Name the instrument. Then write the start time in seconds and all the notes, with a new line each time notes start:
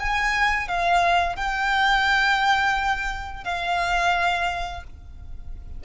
violin
0.00 G#5
0.68 F5
1.36 G5
3.44 F5